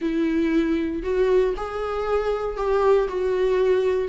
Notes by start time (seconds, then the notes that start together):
0.01 E4
1.03 F#4
1.56 G#4
2.56 G4
3.08 F#4